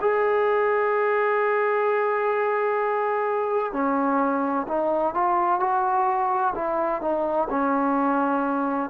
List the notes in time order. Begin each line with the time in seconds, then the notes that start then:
0.00 G#4
3.72 C#4
4.67 D#4
5.14 F4
5.60 F#4
6.55 E4
7.01 D#4
7.50 C#4